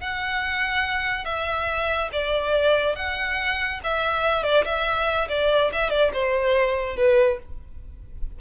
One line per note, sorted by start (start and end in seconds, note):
0.00 1.24 F#5
1.24 2.09 E5
2.12 2.95 D5
2.95 3.80 F#5
3.83 4.43 E5
4.43 4.64 D5
4.64 5.28 E5
5.29 5.71 D5
5.72 5.90 E5
5.90 6.11 D5
6.13 6.96 C5
6.96 7.38 B4